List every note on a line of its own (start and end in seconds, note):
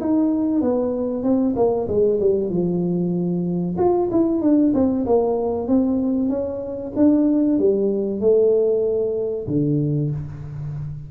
0.00 0.61 D#4
0.61 1.23 B3
1.23 1.55 C4
1.56 1.87 A#3
1.88 2.19 G#3
2.20 2.49 G3
2.49 3.76 F3
3.77 4.09 F4
4.11 4.41 E4
4.41 4.72 D4
4.74 5.05 C4
5.06 5.67 A#3
5.67 6.29 C4
6.29 6.92 C#4
6.96 7.58 D4
7.58 8.20 G3
8.20 9.46 A3
9.47 10.10 D3